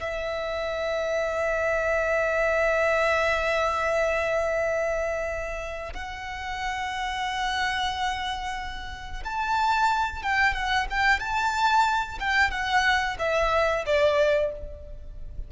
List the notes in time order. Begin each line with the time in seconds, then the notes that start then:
0.00 E5
5.94 F#5
9.25 A5
10.23 G5
10.54 F#5
10.90 G5
11.20 A5
12.20 G5
12.51 F#5
13.19 E5
13.86 D5